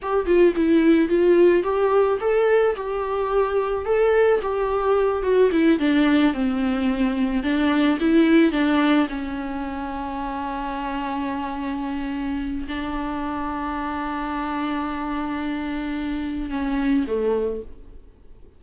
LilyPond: \new Staff \with { instrumentName = "viola" } { \time 4/4 \tempo 4 = 109 g'8 f'8 e'4 f'4 g'4 | a'4 g'2 a'4 | g'4. fis'8 e'8 d'4 c'8~ | c'4. d'4 e'4 d'8~ |
d'8 cis'2.~ cis'8~ | cis'2. d'4~ | d'1~ | d'2 cis'4 a4 | }